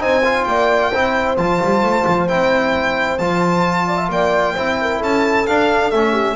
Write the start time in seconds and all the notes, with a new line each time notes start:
0.00 C4 D#4 C5 G#5
0.24 F4
0.44 A#3 D5 G5
0.92 C4 E4 C5
1.38 F3 F4 A5
1.63 G3
1.82 A3
2.07 F3
2.28 C4 E4 G5
3.18 F3 F4 A5
3.87 D5
3.97 E5
4.09 A#3 D5 G5
4.54 C4 E4 C5
4.81 A#4
4.98 C#4 A4 A5
5.47 D4 F5
5.91 A3 C#4 E5
6.12 G4